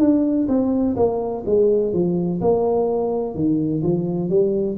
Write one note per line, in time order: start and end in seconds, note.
0.00 0.48 D4
0.48 0.96 C4
0.96 1.44 A#3
1.46 1.93 G#3
1.93 2.41 F3
2.41 3.35 A#3
3.35 3.82 D#3
3.83 4.29 F3
4.29 4.77 G3